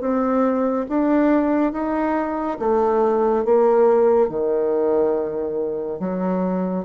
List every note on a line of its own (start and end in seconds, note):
0.00 0.86 C4
0.88 1.72 D4
1.72 2.58 D#4
2.59 3.44 A3
3.44 4.28 A#3
4.28 5.99 D#3
5.99 6.85 F#3